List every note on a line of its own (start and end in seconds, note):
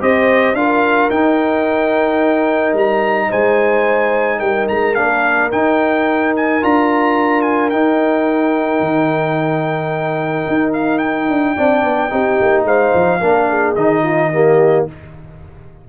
0.00 0.53 C4
0.00 0.55 G4
0.00 0.57 C5
0.00 0.54 D#5
0.53 1.08 D4
0.53 1.10 F4
0.53 3.28 A#4
0.53 1.10 F5
1.10 2.73 D#4
1.10 4.96 D#4
1.10 2.75 G5
2.73 3.28 G3
2.73 3.31 A#5
3.28 4.40 G#3
3.28 4.38 C5
3.28 4.39 G#5
4.38 4.68 G3
4.38 11.54 A#4
4.38 4.66 G5
4.68 4.96 G#3
4.68 4.94 A#5
4.94 5.51 A#3
4.94 5.51 D4
4.94 5.49 F5
5.51 6.62 D#4
5.51 6.34 G5
6.36 6.63 G#5
6.62 7.71 D4
6.62 7.72 F4
6.62 7.41 A#5
7.41 7.69 G#5
7.69 8.80 D#4
7.69 11.57 D#4
7.69 10.72 G5
8.80 10.45 D#3
10.47 11.28 D#4
10.72 10.98 F5
10.98 12.63 G5
11.28 11.56 D4
11.56 11.83 C4
11.56 12.09 D4
11.56 12.11 D5
11.83 12.10 B3
12.09 12.39 C4
12.09 13.19 D#4
12.09 12.66 G4
12.41 12.64 A#3
12.64 12.91 G#3
12.64 13.20 C5
12.64 13.75 F5
12.94 13.21 F3
13.20 13.75 A#3
13.20 13.75 D4
13.20 13.47 A#4
13.49 14.02 G#4
13.75 14.85 D#3
13.75 14.33 D#4
13.75 14.85 D#5
14.02 14.30 F4
14.33 14.88 A#3
14.33 14.88 G4